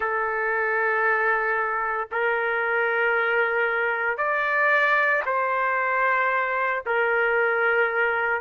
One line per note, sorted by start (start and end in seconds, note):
0.00 2.08 A4
2.11 4.17 A#4
4.17 5.22 D5
5.25 6.83 C5
6.86 8.41 A#4